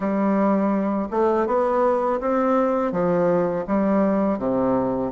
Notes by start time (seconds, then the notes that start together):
0.00 G3
1.10 A3
1.46 B3
2.20 C4
2.91 F3
3.67 G3
4.38 C3